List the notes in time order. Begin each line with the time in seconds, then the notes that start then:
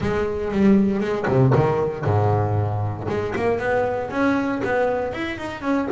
0.00 G#3
0.51 G3
1.00 G#3
1.28 C3
1.55 D#3
2.04 G#2
3.08 G#3
3.35 A#3
3.58 B3
4.10 C#4
4.63 B3
5.13 E4
5.38 D#4
5.61 C#4